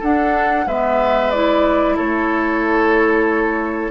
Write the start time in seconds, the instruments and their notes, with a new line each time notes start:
0.00 bassoon D4, clarinet D4, oboe A4, flute F#5
0.67 bassoon G#3, clarinet B3, oboe B4, flute E5
1.31 clarinet E4, flute D5
1.96 bassoon A3, oboe A4, flute C#5